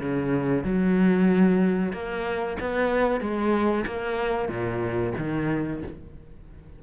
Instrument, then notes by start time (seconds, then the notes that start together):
cello
0.00 C#3
0.64 F#3
1.93 A#3
2.60 B3
3.21 G#3
3.87 A#3
4.49 A#2
5.18 D#3